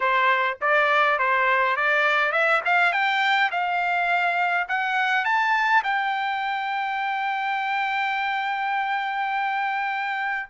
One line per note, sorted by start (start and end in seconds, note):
0.00 0.57 C5
0.61 1.18 D5
1.18 1.76 C5
1.76 2.31 D5
2.31 2.61 E5
2.65 2.92 F5
2.92 3.50 G5
3.51 4.67 F5
4.68 5.24 F#5
5.24 5.83 A5
5.83 10.49 G5